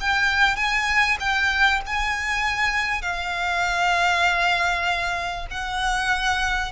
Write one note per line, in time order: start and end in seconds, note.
0.00 0.56 G5
0.56 1.18 G#5
1.20 1.81 G5
1.86 3.02 G#5
3.02 5.47 F5
5.51 6.72 F#5